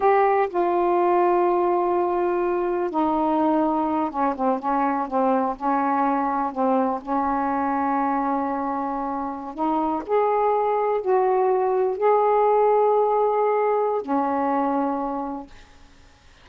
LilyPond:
\new Staff \with { instrumentName = "saxophone" } { \time 4/4 \tempo 4 = 124 g'4 f'2.~ | f'2 dis'2~ | dis'8 cis'8 c'8 cis'4 c'4 cis'8~ | cis'4. c'4 cis'4.~ |
cis'2.~ cis'8. dis'16~ | dis'8. gis'2 fis'4~ fis'16~ | fis'8. gis'2.~ gis'16~ | gis'4 cis'2. | }